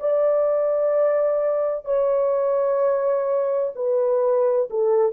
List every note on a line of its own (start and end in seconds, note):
0.00 1.85 D5
1.85 3.73 C#5
3.75 4.69 B4
4.70 5.13 A4